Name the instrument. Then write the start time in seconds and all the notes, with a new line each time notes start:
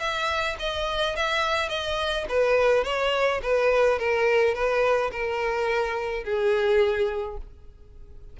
violin
0.00 E5
0.59 D#5
1.16 E5
1.69 D#5
2.29 B4
2.84 C#5
3.43 B4
3.99 A#4
4.55 B4
5.12 A#4
6.24 G#4